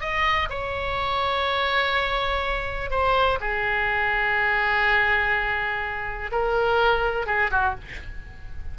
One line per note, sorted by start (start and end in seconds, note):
0.00 0.48 D#5
0.49 2.90 C#5
2.90 3.38 C5
3.40 6.30 G#4
6.31 7.26 A#4
7.26 7.50 G#4
7.50 7.75 F#4